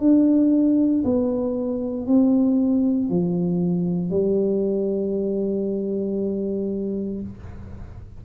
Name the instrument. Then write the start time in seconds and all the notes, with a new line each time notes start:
tuba
0.00 D4
1.04 B3
2.07 C4
3.10 F3
4.11 G3